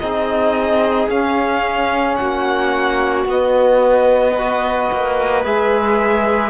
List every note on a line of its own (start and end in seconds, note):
0.00 1.09 C4
0.00 1.10 D#4
0.00 2.21 G#4
0.00 1.09 D#5
1.09 2.18 C#4
1.09 3.27 C#4
1.09 2.16 F5
2.16 3.26 A#3
2.16 4.33 F#4
2.16 3.25 F#5
3.26 4.90 B3
3.26 4.36 B3
3.26 5.46 D#5
4.33 5.45 F#4
4.33 6.50 B4
4.92 5.45 A#3
5.45 6.50 G#3
5.45 6.50 G#4
5.45 6.50 E5